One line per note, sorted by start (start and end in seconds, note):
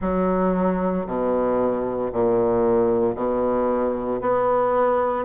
0.00 1.06 F#3
1.06 2.11 B2
2.12 3.15 A#2
3.15 4.20 B2
4.21 5.24 B3